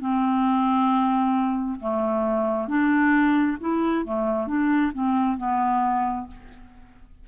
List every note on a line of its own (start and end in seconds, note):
0.00 1.79 C4
1.80 2.68 A3
2.68 3.57 D4
3.60 4.05 E4
4.05 4.47 A3
4.47 4.92 D4
4.93 5.38 C4
5.38 6.27 B3